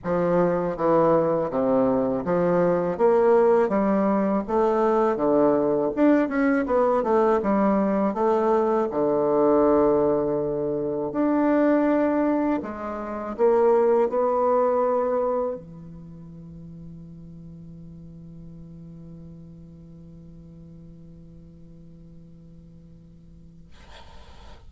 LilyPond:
\new Staff \with { instrumentName = "bassoon" } { \time 4/4 \tempo 4 = 81 f4 e4 c4 f4 | ais4 g4 a4 d4 | d'8 cis'8 b8 a8 g4 a4 | d2. d'4~ |
d'4 gis4 ais4 b4~ | b4 e2.~ | e1~ | e1 | }